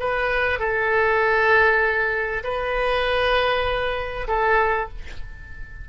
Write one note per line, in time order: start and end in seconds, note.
0.00 0.60 B4
0.60 2.43 A4
2.44 4.27 B4
4.28 4.89 A4